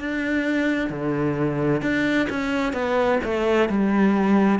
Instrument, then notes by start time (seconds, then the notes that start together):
cello
0.00 D4
0.90 D3
1.82 D4
2.29 C#4
2.73 B3
3.23 A3
3.69 G3